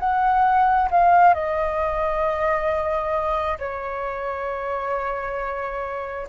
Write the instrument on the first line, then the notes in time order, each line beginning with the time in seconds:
flute
0.00 F#5
0.91 F5
1.35 D#5
3.59 C#5